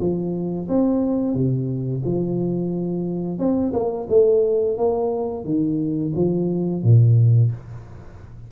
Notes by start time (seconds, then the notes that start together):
0.00 F3
0.69 C4
1.35 C3
2.05 F3
3.39 C4
3.73 A#3
4.09 A3
4.77 A#3
5.45 D#3
6.15 F3
6.83 A#2